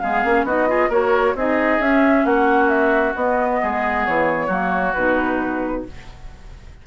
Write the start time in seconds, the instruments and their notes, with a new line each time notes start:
0.00 bassoon G#3, clarinet B3, oboe G#4, flute F5
0.24 bassoon A#3, clarinet C#4
0.43 bassoon B3, clarinet D#4, oboe F#4, flute D#5
0.68 clarinet F4, oboe G#4
0.89 bassoon A#3, clarinet F#4, oboe A#4, flute C#5
1.34 bassoon C4, clarinet D#4, oboe G#4, flute D#5
1.78 bassoon C#4, clarinet C#4, flute E5
2.24 bassoon A#3, oboe F#4, flute F#5
2.69 flute E5
3.14 bassoon B3, clarinet B3, flute D#5
3.62 bassoon G#3, oboe G#4
4.05 bassoon E3, flute C#5
4.46 bassoon F#3, clarinet A#3, oboe F#4
4.93 bassoon B2, clarinet D#4, flute B4